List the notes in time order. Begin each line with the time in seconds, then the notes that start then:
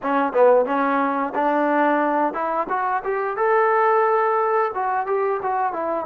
0.02 C#4
0.32 B3
0.65 C#4
1.34 D4
2.33 E4
2.69 F#4
3.03 G4
3.36 A4
4.74 F#4
5.06 G4
5.42 F#4
5.72 E4